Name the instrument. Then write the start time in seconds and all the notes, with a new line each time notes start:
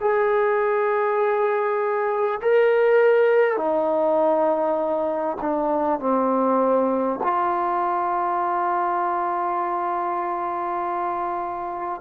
trombone
0.00 G#4
2.41 A#4
3.56 D#4
5.41 D4
5.99 C4
7.23 F4